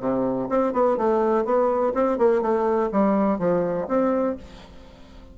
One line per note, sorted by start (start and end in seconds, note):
0.00 0.48 C3
0.49 0.73 C4
0.73 0.97 B3
0.97 1.45 A3
1.45 1.93 B3
1.94 2.18 C4
2.18 2.42 A#3
2.42 2.90 A3
2.92 3.39 G3
3.39 3.87 F3
3.88 4.37 C4